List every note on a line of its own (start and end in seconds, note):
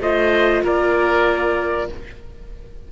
0.00 0.62 A3
0.00 1.89 F4
0.00 0.64 C5
0.00 0.65 D#5
0.64 1.89 A#3
0.64 1.89 A#4
0.64 1.92 D5